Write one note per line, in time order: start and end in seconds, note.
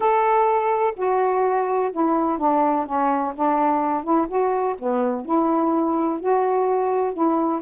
0.00 0.94 A4
0.96 1.91 F#4
1.92 2.38 E4
2.38 2.86 D4
2.86 3.33 C#4
3.35 4.03 D4
4.03 4.27 E4
4.28 4.75 F#4
4.79 5.25 B3
5.25 6.19 E4
6.19 7.13 F#4
7.13 7.61 E4